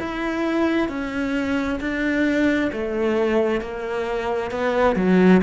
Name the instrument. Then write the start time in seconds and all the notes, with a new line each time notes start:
cello
0.00 E4
0.89 C#4
1.81 D4
2.73 A3
3.61 A#3
4.51 B3
4.96 F#3